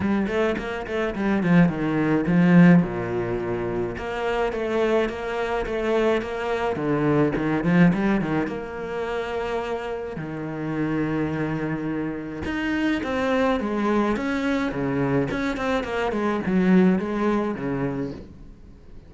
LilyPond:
\new Staff \with { instrumentName = "cello" } { \time 4/4 \tempo 4 = 106 g8 a8 ais8 a8 g8 f8 dis4 | f4 ais,2 ais4 | a4 ais4 a4 ais4 | d4 dis8 f8 g8 dis8 ais4~ |
ais2 dis2~ | dis2 dis'4 c'4 | gis4 cis'4 cis4 cis'8 c'8 | ais8 gis8 fis4 gis4 cis4 | }